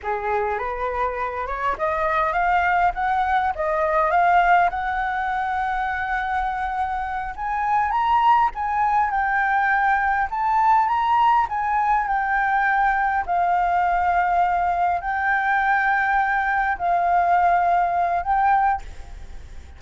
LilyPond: \new Staff \with { instrumentName = "flute" } { \time 4/4 \tempo 4 = 102 gis'4 b'4. cis''8 dis''4 | f''4 fis''4 dis''4 f''4 | fis''1~ | fis''8 gis''4 ais''4 gis''4 g''8~ |
g''4. a''4 ais''4 gis''8~ | gis''8 g''2 f''4.~ | f''4. g''2~ g''8~ | g''8 f''2~ f''8 g''4 | }